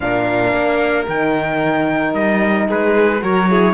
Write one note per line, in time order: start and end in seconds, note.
0.00 0.53 A#2
0.00 1.07 D4
0.00 2.67 A#4
0.00 1.06 F5
0.53 1.06 A#3
1.07 2.13 D#3
1.07 3.20 D#4
1.07 2.14 G5
2.13 2.67 G3
2.13 2.67 D#5
2.67 3.22 G#3
2.67 3.20 G#4
2.67 3.22 B4
3.20 3.74 F#3
3.20 3.47 F#4
3.20 3.49 A#4
3.20 3.74 C#5
3.49 3.74 E4
3.49 3.74 G#4